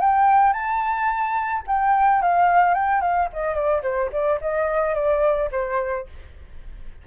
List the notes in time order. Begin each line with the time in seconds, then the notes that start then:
0.00 G5
0.53 A5
1.67 G5
2.21 F5
2.74 G5
3.01 F5
3.33 D#5
3.54 D5
3.82 C5
4.12 D5
4.41 D#5
4.94 D5
5.51 C5